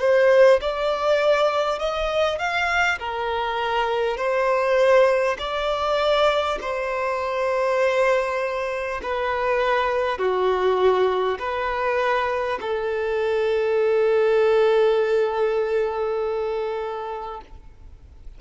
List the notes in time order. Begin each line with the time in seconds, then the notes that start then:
0.00 C5
0.61 D5
1.79 D#5
2.38 F5
2.99 A#4
4.17 C5
5.39 D5
6.61 C5
9.03 B4
10.18 F#4
11.39 B4
12.61 A4